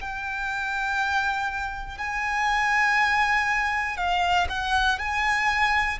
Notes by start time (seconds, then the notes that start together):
0.00 G5
1.98 G#5
3.97 F5
4.49 F#5
4.98 G#5